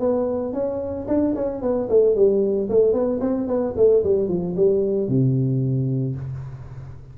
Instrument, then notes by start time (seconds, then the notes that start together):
tuba
0.00 B3
0.54 C#4
1.08 D4
1.36 C#4
1.62 B3
1.90 A3
2.16 G3
2.70 A3
2.93 B3
3.21 C4
3.47 B3
3.77 A3
4.04 G3
4.29 F3
4.57 G3
5.09 C3